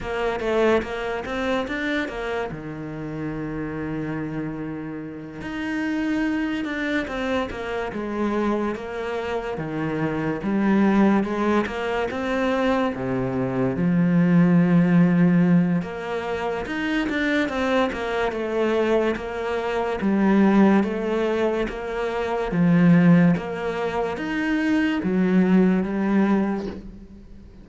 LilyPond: \new Staff \with { instrumentName = "cello" } { \time 4/4 \tempo 4 = 72 ais8 a8 ais8 c'8 d'8 ais8 dis4~ | dis2~ dis8 dis'4. | d'8 c'8 ais8 gis4 ais4 dis8~ | dis8 g4 gis8 ais8 c'4 c8~ |
c8 f2~ f8 ais4 | dis'8 d'8 c'8 ais8 a4 ais4 | g4 a4 ais4 f4 | ais4 dis'4 fis4 g4 | }